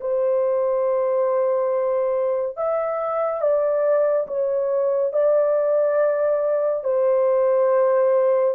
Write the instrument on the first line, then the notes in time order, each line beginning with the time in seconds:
horn
0.00 C5
2.56 E5
3.41 D5
4.27 C#5
5.12 D5
6.83 C5